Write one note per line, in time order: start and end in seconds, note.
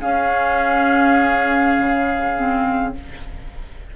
0.00 2.35 C#4
0.00 1.78 C#4
0.00 2.95 G#4
0.00 2.95 F5
1.78 2.96 C#3
2.36 2.95 C4